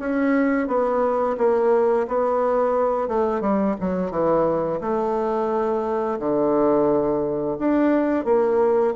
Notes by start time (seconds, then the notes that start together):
0.00 C#4
0.68 B3
1.38 A#3
2.08 B3
3.08 A3
3.41 G3
3.81 F#3
4.11 E3
4.82 A3
6.20 D3
7.59 D4
8.25 A#3